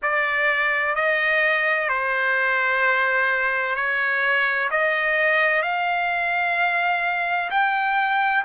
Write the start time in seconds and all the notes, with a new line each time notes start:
0.02 D5
0.95 D#5
1.88 C5
3.75 C#5
4.70 D#5
5.62 F5
7.50 G5